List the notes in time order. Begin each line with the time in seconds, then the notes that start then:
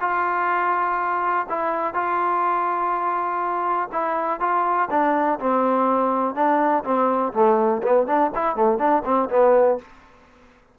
0.00 F4
1.49 E4
1.94 F4
3.92 E4
4.40 F4
4.90 D4
5.39 C4
6.35 D4
6.84 C4
7.33 A3
7.82 B3
8.06 D4
8.35 E4
8.55 A3
8.78 D4
9.05 C4
9.29 B3